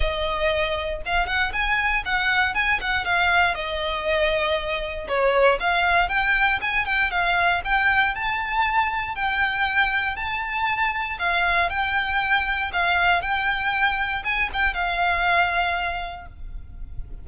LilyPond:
\new Staff \with { instrumentName = "violin" } { \time 4/4 \tempo 4 = 118 dis''2 f''8 fis''8 gis''4 | fis''4 gis''8 fis''8 f''4 dis''4~ | dis''2 cis''4 f''4 | g''4 gis''8 g''8 f''4 g''4 |
a''2 g''2 | a''2 f''4 g''4~ | g''4 f''4 g''2 | gis''8 g''8 f''2. | }